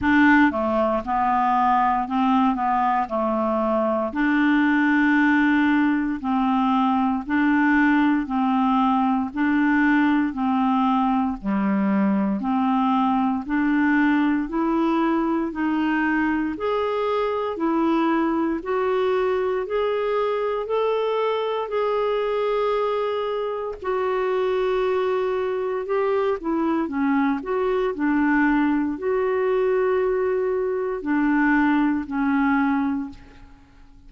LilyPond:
\new Staff \with { instrumentName = "clarinet" } { \time 4/4 \tempo 4 = 58 d'8 a8 b4 c'8 b8 a4 | d'2 c'4 d'4 | c'4 d'4 c'4 g4 | c'4 d'4 e'4 dis'4 |
gis'4 e'4 fis'4 gis'4 | a'4 gis'2 fis'4~ | fis'4 g'8 e'8 cis'8 fis'8 d'4 | fis'2 d'4 cis'4 | }